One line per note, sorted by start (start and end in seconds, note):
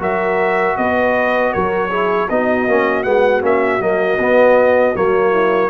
0.00 0.76 F#3
0.00 1.90 F#4
0.00 0.76 A#4
0.00 0.77 E5
0.77 1.54 B3
0.77 1.53 B4
0.77 1.53 D#5
1.53 2.30 F#3
1.53 1.90 A#4
1.53 2.29 C#5
1.90 2.29 E4
1.90 2.28 G#4
2.30 2.68 B3
2.30 2.68 D#4
2.30 5.31 F#4
2.30 3.03 D#5
2.68 3.05 A#3
2.68 3.04 C#4
3.03 3.42 G#3
3.03 3.42 B3
3.03 3.41 F#5
3.42 3.80 A#3
3.42 3.80 C#4
3.42 3.82 E5
3.80 4.18 F#3
3.80 4.18 A#3
3.80 4.96 D#5
4.18 4.94 B3
4.18 4.95 B3
4.96 5.70 F#3
4.96 5.70 A#3
4.96 5.70 C#5
5.31 5.69 E4